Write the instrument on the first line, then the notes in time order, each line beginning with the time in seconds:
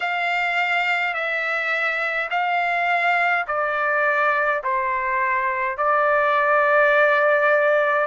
trumpet
0.00 F5
1.13 E5
2.30 F5
3.47 D5
4.63 C5
5.77 D5